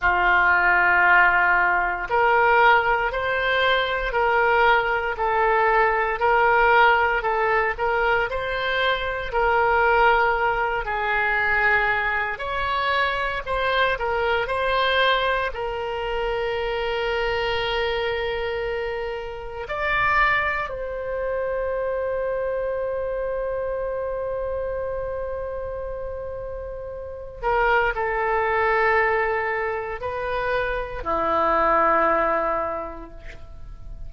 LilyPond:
\new Staff \with { instrumentName = "oboe" } { \time 4/4 \tempo 4 = 58 f'2 ais'4 c''4 | ais'4 a'4 ais'4 a'8 ais'8 | c''4 ais'4. gis'4. | cis''4 c''8 ais'8 c''4 ais'4~ |
ais'2. d''4 | c''1~ | c''2~ c''8 ais'8 a'4~ | a'4 b'4 e'2 | }